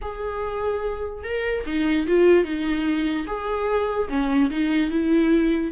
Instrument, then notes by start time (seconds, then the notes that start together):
viola
0.01 G#4
1.23 A#4
1.66 D#4
2.07 F4
2.44 D#4
3.26 G#4
4.09 C#4
4.50 D#4
4.90 E4